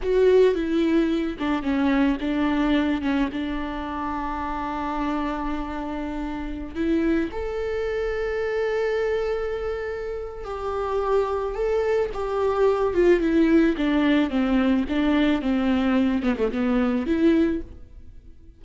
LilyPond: \new Staff \with { instrumentName = "viola" } { \time 4/4 \tempo 4 = 109 fis'4 e'4. d'8 cis'4 | d'4. cis'8 d'2~ | d'1~ | d'16 e'4 a'2~ a'8.~ |
a'2. g'4~ | g'4 a'4 g'4. f'8 | e'4 d'4 c'4 d'4 | c'4. b16 a16 b4 e'4 | }